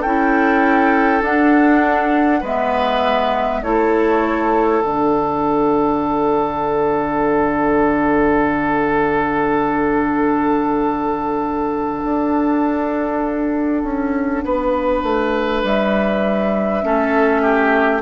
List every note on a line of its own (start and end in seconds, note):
0.00 1.22 C#4
0.00 1.22 E4
0.00 2.40 A4
0.00 1.22 G5
1.22 2.42 D4
1.22 2.45 F#5
2.41 3.62 G#3
2.41 3.63 B3
2.41 3.60 B4
2.41 3.63 E5
3.63 4.83 A3
3.63 4.83 E4
3.63 14.44 A4
3.63 4.82 C#5
4.82 12.04 D3
4.82 16.82 D4
4.82 15.62 F#5
12.04 13.84 D4
13.84 14.44 C#4
14.44 15.03 B3
14.44 16.85 B4
15.03 15.63 A3
15.63 16.84 G3
15.63 18.02 E5
16.82 18.02 A3
16.82 18.02 C#4
16.82 17.42 A4
17.42 18.02 G4